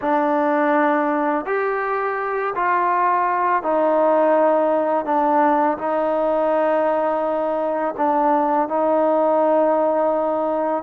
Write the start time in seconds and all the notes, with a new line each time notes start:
0.01 D4
1.45 G4
2.55 F4
3.62 D#4
5.05 D4
5.78 D#4
7.97 D4
8.68 D#4